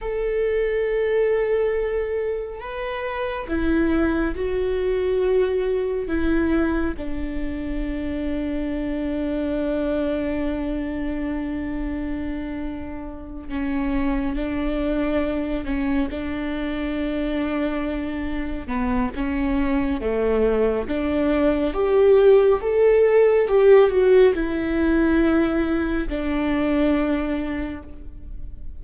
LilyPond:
\new Staff \with { instrumentName = "viola" } { \time 4/4 \tempo 4 = 69 a'2. b'4 | e'4 fis'2 e'4 | d'1~ | d'2.~ d'8 cis'8~ |
cis'8 d'4. cis'8 d'4.~ | d'4. b8 cis'4 a4 | d'4 g'4 a'4 g'8 fis'8 | e'2 d'2 | }